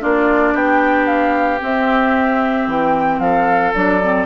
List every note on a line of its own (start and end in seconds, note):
0.00 0.54 A#3
0.00 1.59 D4
0.00 0.54 F4
0.00 0.56 D5
0.54 1.61 B3
0.54 3.20 G4
0.54 1.07 G5
1.07 1.60 F5
1.60 3.73 C4
1.60 2.68 C4
1.60 2.70 E5
2.68 3.19 E3
2.68 3.20 G5
3.19 3.72 F3
3.19 4.27 A4
3.19 3.73 F5
3.74 4.27 F#3
3.74 4.01 D4
3.74 4.27 D5
4.02 4.27 C4